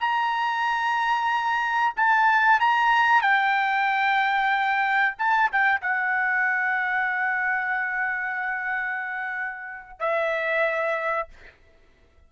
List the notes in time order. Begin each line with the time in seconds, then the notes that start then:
0.00 A#5
1.96 A5
2.60 A#5
3.21 G5
5.18 A5
5.52 G5
5.81 F#5
10.00 E5